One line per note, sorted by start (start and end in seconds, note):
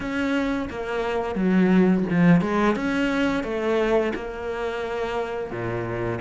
0.00 0.68 C#4
0.70 1.34 A#3
1.34 2.03 F#3
2.10 2.41 F3
2.41 2.75 G#3
2.75 3.43 C#4
3.43 4.12 A3
4.14 5.50 A#3
5.50 6.19 A#2